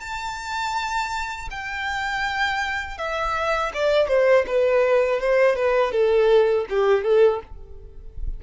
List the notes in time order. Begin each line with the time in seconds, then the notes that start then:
0.00 A5
1.50 G5
2.97 E5
3.73 D5
4.07 C5
4.46 B4
5.20 C5
5.55 B4
5.91 A4
6.69 G4
7.03 A4